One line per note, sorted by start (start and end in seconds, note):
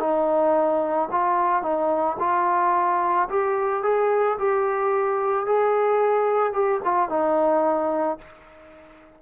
0.00 1.09 D#4
1.12 1.63 F4
1.63 2.17 D#4
2.20 3.29 F4
3.30 3.83 G4
3.83 4.38 G#4
4.39 5.46 G4
5.46 6.53 G#4
6.53 6.81 G4
6.85 7.10 F4
7.10 8.19 D#4